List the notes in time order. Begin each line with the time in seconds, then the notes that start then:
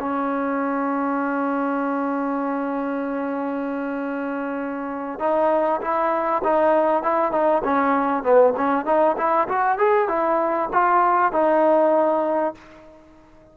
0.00 C#4
5.20 D#4
5.82 E4
6.44 D#4
7.04 E4
7.32 D#4
7.65 C#4
8.23 B3
8.57 C#4
8.86 D#4
9.18 E4
9.49 F#4
9.79 G#4
10.09 E4
10.73 F4
11.33 D#4